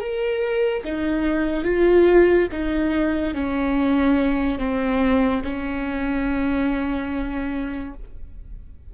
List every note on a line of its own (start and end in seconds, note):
0.00 0.83 A#4
0.84 1.64 D#4
1.64 2.47 F4
2.52 3.34 D#4
3.34 4.58 C#4
4.58 5.42 C4
5.43 7.93 C#4